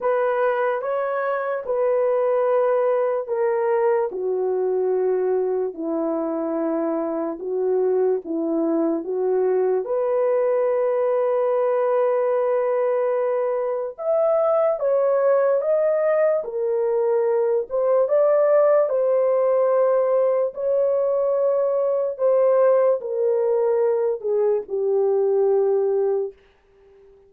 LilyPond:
\new Staff \with { instrumentName = "horn" } { \time 4/4 \tempo 4 = 73 b'4 cis''4 b'2 | ais'4 fis'2 e'4~ | e'4 fis'4 e'4 fis'4 | b'1~ |
b'4 e''4 cis''4 dis''4 | ais'4. c''8 d''4 c''4~ | c''4 cis''2 c''4 | ais'4. gis'8 g'2 | }